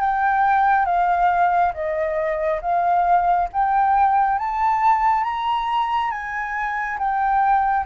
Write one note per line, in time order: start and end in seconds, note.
0.00 0.85 G5
0.85 1.72 F5
1.74 2.60 D#5
2.61 3.48 F5
3.52 4.38 G5
4.38 5.24 A5
5.24 6.11 A#5
6.11 6.98 G#5
6.98 7.85 G5